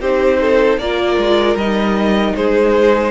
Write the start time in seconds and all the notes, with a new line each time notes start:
0.00 C4 D#4 G4 C5
0.41 A4
0.78 A#3 F4 A#4 D5
1.17 G#3
1.55 G3 D#4 D#5
2.35 G#3 G#4 C5